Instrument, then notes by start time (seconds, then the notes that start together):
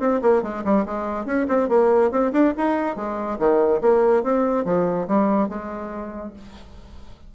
bassoon
0.00 C4
0.22 A#3
0.43 G#3
0.65 G3
0.86 G#3
1.26 C#4
1.49 C4
1.69 A#3
2.11 C4
2.33 D4
2.58 D#4
2.96 G#3
3.39 D#3
3.82 A#3
4.24 C4
4.65 F3
5.08 G3
5.49 G#3